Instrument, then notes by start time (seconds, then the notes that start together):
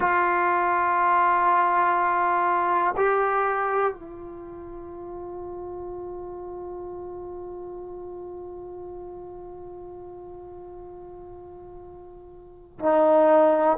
trombone
0.00 F4
2.96 G4
3.93 F4
12.79 D#4